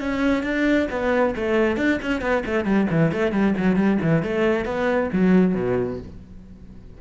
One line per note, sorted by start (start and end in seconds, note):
0.00 0.43 C#4
0.43 0.87 D4
0.90 1.35 B3
1.35 1.77 A3
1.77 1.99 D4
2.02 2.21 C#4
2.21 2.43 B3
2.45 2.64 A3
2.64 2.87 G3
2.90 3.12 E3
3.12 3.32 A3
3.32 3.54 G3
3.57 3.76 F#3
3.76 3.98 G3
4.02 4.22 E3
4.22 4.65 A3
4.65 5.09 B3
5.13 5.54 F#3
5.54 5.99 B2